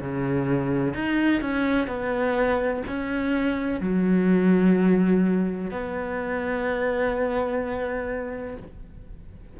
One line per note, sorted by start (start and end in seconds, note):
0.00 0.94 C#3
0.94 1.41 D#4
1.41 1.87 C#4
1.87 2.82 B3
2.87 3.80 C#4
3.80 5.70 F#3
5.71 8.56 B3